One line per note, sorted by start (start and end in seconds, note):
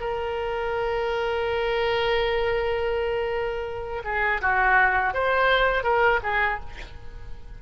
0.00 4.02 A#4
4.04 4.41 G#4
4.41 5.14 F#4
5.14 5.83 C5
5.83 6.20 A#4
6.23 6.59 G#4